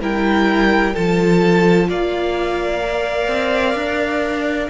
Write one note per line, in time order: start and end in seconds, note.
0.00 0.94 G3
0.00 0.94 E4
0.00 0.93 A#4
0.00 0.95 G5
0.93 1.89 F3
0.93 2.81 F4
0.93 1.87 A4
0.93 1.89 A5
1.89 3.27 A#3
1.89 4.70 D5
1.89 4.70 F5
2.81 4.68 A#4
3.27 3.74 C4
3.74 4.68 D4